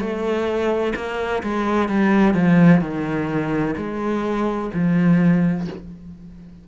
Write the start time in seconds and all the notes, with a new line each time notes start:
0.00 A3
0.96 A#3
1.44 G#3
1.89 G3
2.35 F3
2.82 D#3
3.77 G#3
4.74 F3